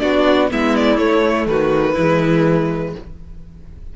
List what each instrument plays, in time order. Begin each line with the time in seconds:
0.00 cello B3, viola D4, violin F#4 D5
0.51 cello G#3, viola B3, violin E4 E5
0.76 violin D5
0.98 viola A3, cello A3, violin C#5
1.47 cello D#3, violin F#4 B4
1.93 cello E3, viola G#3, violin E4